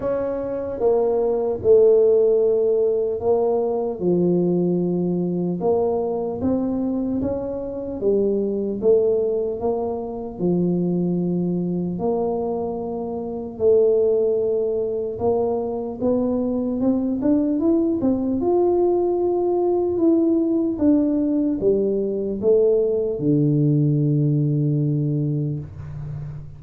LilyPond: \new Staff \with { instrumentName = "tuba" } { \time 4/4 \tempo 4 = 75 cis'4 ais4 a2 | ais4 f2 ais4 | c'4 cis'4 g4 a4 | ais4 f2 ais4~ |
ais4 a2 ais4 | b4 c'8 d'8 e'8 c'8 f'4~ | f'4 e'4 d'4 g4 | a4 d2. | }